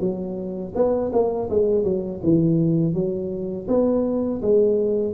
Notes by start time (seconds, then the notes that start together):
0.00 F#3
0.75 B3
1.12 A#3
1.50 G#3
1.84 F#3
2.24 E3
2.94 F#3
3.68 B3
4.42 G#3